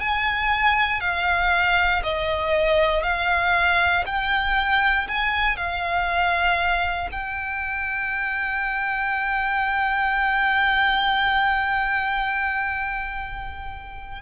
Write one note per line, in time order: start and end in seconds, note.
0.00 1.01 G#5
1.01 2.02 F5
2.03 3.03 D#5
3.03 4.04 F5
4.06 5.08 G5
5.08 5.57 G#5
5.57 7.10 F5
7.12 14.22 G5